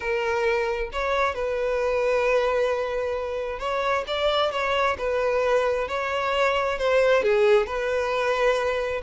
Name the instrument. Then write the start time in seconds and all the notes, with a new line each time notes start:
violin
0.00 A#4
0.92 C#5
1.35 B4
3.59 C#5
4.07 D5
4.51 C#5
4.97 B4
5.88 C#5
6.78 C5
7.22 G#4
7.66 B4